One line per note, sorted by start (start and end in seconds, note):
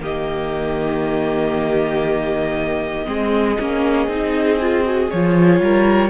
0.00 3.05 D#3
0.00 3.05 A#3
0.00 3.07 G4
0.00 5.10 D#5
3.05 3.57 G#3
3.05 3.56 C4
3.05 5.62 G#4
3.58 4.07 A#3
3.58 4.09 C#4
4.07 5.08 C4
4.07 4.60 D#4
4.60 4.84 F4
4.84 5.09 F#4
5.10 5.60 F3
5.10 6.09 F4
5.10 6.09 C#5
5.60 6.09 G3
5.60 6.09 A#4